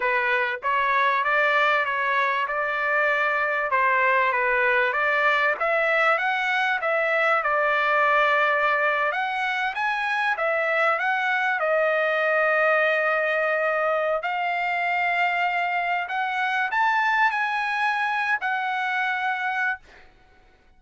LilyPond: \new Staff \with { instrumentName = "trumpet" } { \time 4/4 \tempo 4 = 97 b'4 cis''4 d''4 cis''4 | d''2 c''4 b'4 | d''4 e''4 fis''4 e''4 | d''2~ d''8. fis''4 gis''16~ |
gis''8. e''4 fis''4 dis''4~ dis''16~ | dis''2. f''4~ | f''2 fis''4 a''4 | gis''4.~ gis''16 fis''2~ fis''16 | }